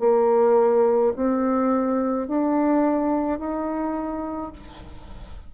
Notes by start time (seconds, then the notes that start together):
0.00 A#3
1.16 C4
2.28 D4
3.39 D#4